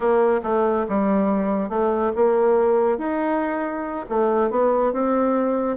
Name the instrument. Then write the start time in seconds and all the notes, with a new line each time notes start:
bassoon
0.00 A#3
0.43 A3
0.88 G3
1.69 A3
2.15 A#3
2.98 D#4
4.09 A3
4.50 B3
4.92 C4